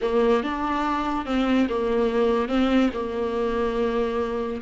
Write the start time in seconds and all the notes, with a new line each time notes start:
0.01 A#3
0.43 D4
1.25 C4
1.69 A#3
2.48 C4
2.93 A#3